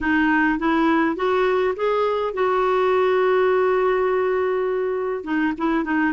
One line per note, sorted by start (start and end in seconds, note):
0.00 0.58 D#4
0.58 1.16 E4
1.16 1.74 F#4
1.76 2.33 G#4
2.33 5.24 F#4
5.24 5.53 D#4
5.57 5.84 E4
5.84 6.12 D#4